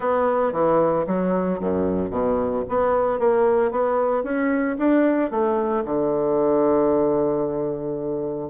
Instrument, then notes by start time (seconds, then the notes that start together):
bassoon
0.00 B3
0.52 E3
1.06 F#3
1.59 F#2
2.10 B2
2.68 B3
3.19 A#3
3.71 B3
4.23 C#4
4.78 D4
5.30 A3
5.84 D3